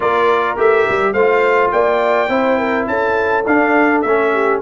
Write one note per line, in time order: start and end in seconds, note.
0.00 0.57 A#3
0.00 0.56 F4
0.00 1.12 A#4
0.00 0.58 D5
0.56 0.86 A3
0.56 1.14 G4
0.56 1.13 E5
0.89 1.13 G3
1.12 1.71 A3
1.12 2.28 F4
1.12 1.70 C5
1.12 1.70 F5
1.71 2.28 A#3
1.71 2.30 D5
1.71 2.87 G5
2.28 2.86 C4
2.28 3.44 E4
2.28 2.58 C5
2.58 2.87 A#4
2.87 3.45 C#4
2.87 4.32 A4
2.87 3.44 A5
3.46 4.03 D4
3.46 4.05 D4
3.46 4.01 F5
4.01 4.61 A3
4.01 4.61 C#4
4.01 4.59 E5
4.32 4.61 G4